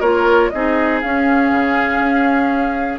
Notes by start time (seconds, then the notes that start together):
0.00 A#3 F4 A#4 C#5
0.50 C4 D#4 G#4 D#5
1.01 C#4 F5
1.51 C#3
1.99 C#4